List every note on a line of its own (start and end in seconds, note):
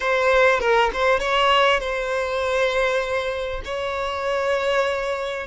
0.00 0.60 C5
0.60 0.90 A#4
0.93 1.19 C5
1.19 1.80 C#5
1.80 3.61 C5
3.64 5.46 C#5